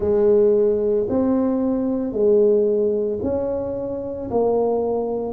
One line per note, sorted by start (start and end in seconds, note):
0.00 1.07 G#3
1.09 2.12 C4
2.12 3.19 G#3
3.22 4.29 C#4
4.30 5.33 A#3